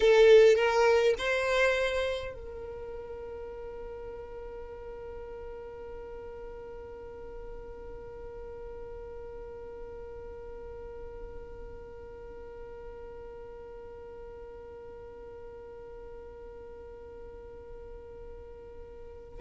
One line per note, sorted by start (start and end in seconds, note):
0.00 0.55 A4
0.55 1.14 A#4
1.18 2.34 C5
2.34 19.40 A#4